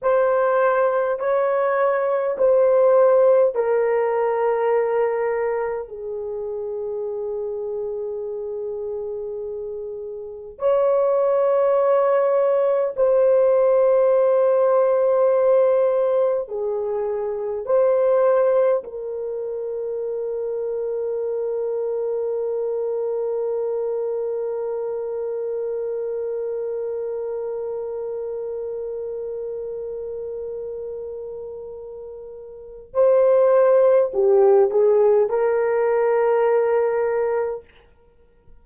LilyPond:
\new Staff \with { instrumentName = "horn" } { \time 4/4 \tempo 4 = 51 c''4 cis''4 c''4 ais'4~ | ais'4 gis'2.~ | gis'4 cis''2 c''4~ | c''2 gis'4 c''4 |
ais'1~ | ais'1~ | ais'1 | c''4 g'8 gis'8 ais'2 | }